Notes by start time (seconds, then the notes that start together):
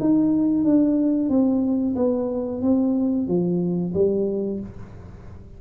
0.00 D#4
0.64 D4
1.29 C4
1.96 B3
2.62 C4
3.28 F3
3.94 G3